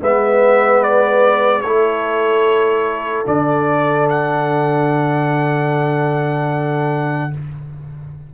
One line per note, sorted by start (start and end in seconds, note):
0.00 1.62 G#3
0.00 1.62 B3
0.00 1.63 B4
0.00 0.83 E5
0.83 1.61 D5
1.61 3.24 A3
1.61 3.25 E4
1.61 7.32 A4
1.61 3.23 C#5
3.25 7.32 D3
3.25 7.31 D4
3.25 4.08 D5
4.09 7.33 F#5